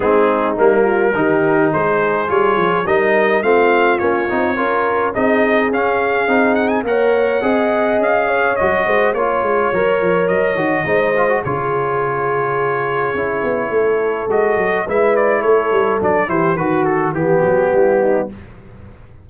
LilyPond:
<<
  \new Staff \with { instrumentName = "trumpet" } { \time 4/4 \tempo 4 = 105 gis'4 ais'2 c''4 | cis''4 dis''4 f''4 cis''4~ | cis''4 dis''4 f''4. fis''16 gis''16 | fis''2 f''4 dis''4 |
cis''2 dis''2 | cis''1~ | cis''4 dis''4 e''8 d''8 cis''4 | d''8 c''8 b'8 a'8 g'2 | }
  \new Staff \with { instrumentName = "horn" } { \time 4/4 dis'4. f'8 g'4 gis'4~ | gis'4 ais'4 f'2 | ais'4 gis'2. | cis''4 dis''4. cis''4 c''8 |
cis''2. c''4 | gis'1 | a'2 b'4 a'4~ | a'8 g'8 fis'4 g'8 fis'8 e'8 dis'8 | }
  \new Staff \with { instrumentName = "trombone" } { \time 4/4 c'4 ais4 dis'2 | f'4 dis'4 c'4 cis'8 dis'8 | f'4 dis'4 cis'4 dis'4 | ais'4 gis'2 fis'4 |
f'4 ais'4. fis'8 dis'8 f'16 fis'16 | f'2. e'4~ | e'4 fis'4 e'2 | d'8 e'8 fis'4 b2 | }
  \new Staff \with { instrumentName = "tuba" } { \time 4/4 gis4 g4 dis4 gis4 | g8 f8 g4 a4 ais8 c'8 | cis'4 c'4 cis'4 c'4 | ais4 c'4 cis'4 fis8 gis8 |
ais8 gis8 fis8 f8 fis8 dis8 gis4 | cis2. cis'8 b8 | a4 gis8 fis8 gis4 a8 g8 | fis8 e8 dis4 e8 fis8 g4 | }
>>